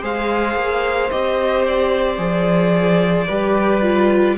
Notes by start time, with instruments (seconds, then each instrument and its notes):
0.00 cello G#3, viola G#4, violin C5 F5
0.55 cello A#3
1.10 cello C4, viola G4, violin D#5
1.66 violin D5
2.17 cello F3, viola G#4
3.27 cello G3, viola G4, violin B4
3.82 viola F4